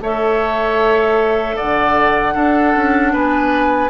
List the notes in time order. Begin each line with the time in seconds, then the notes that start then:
0.00 A3 A4 C#5 E5
1.56 D3 D5 F#5
2.33 D4 A4
2.75 C#4
3.12 B3 B4 G#5